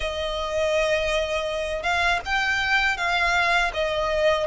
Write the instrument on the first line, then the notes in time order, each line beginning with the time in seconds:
violin
0.00 D#5
1.82 F5
2.25 G5
2.97 F5
3.73 D#5